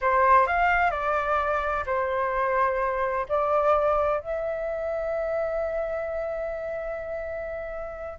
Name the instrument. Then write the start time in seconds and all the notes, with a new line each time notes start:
flute
0.01 C5
0.46 F5
0.90 D5
1.85 C5
3.28 D5
4.20 E5